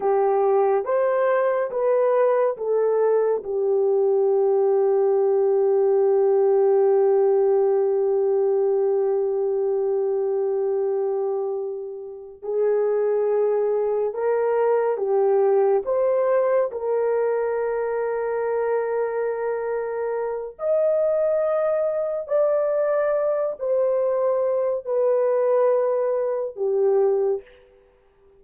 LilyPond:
\new Staff \with { instrumentName = "horn" } { \time 4/4 \tempo 4 = 70 g'4 c''4 b'4 a'4 | g'1~ | g'1~ | g'2~ g'8 gis'4.~ |
gis'8 ais'4 g'4 c''4 ais'8~ | ais'1 | dis''2 d''4. c''8~ | c''4 b'2 g'4 | }